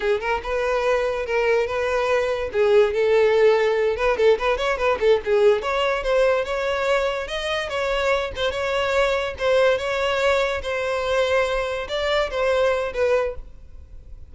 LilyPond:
\new Staff \with { instrumentName = "violin" } { \time 4/4 \tempo 4 = 144 gis'8 ais'8 b'2 ais'4 | b'2 gis'4 a'4~ | a'4. b'8 a'8 b'8 cis''8 b'8 | a'8 gis'4 cis''4 c''4 cis''8~ |
cis''4. dis''4 cis''4. | c''8 cis''2 c''4 cis''8~ | cis''4. c''2~ c''8~ | c''8 d''4 c''4. b'4 | }